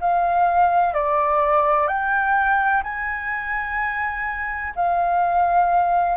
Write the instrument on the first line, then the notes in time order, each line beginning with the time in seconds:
flute
0.00 F5
0.94 D5
1.87 G5
2.83 G#5
4.75 F5